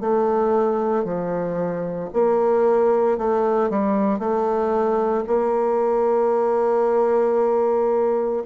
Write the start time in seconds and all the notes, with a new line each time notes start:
0.00 A3
1.04 F3
2.13 A#3
3.18 A3
3.70 G3
4.19 A3
5.27 A#3